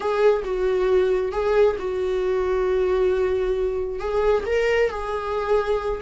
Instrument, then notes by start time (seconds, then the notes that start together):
viola
0.00 G#4
0.44 F#4
1.32 G#4
1.78 F#4
3.99 G#4
4.45 A#4
4.89 G#4